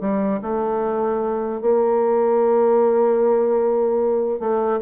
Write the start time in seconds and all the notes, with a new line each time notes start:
0.00 G3
0.41 A3
1.61 A#3
4.39 A3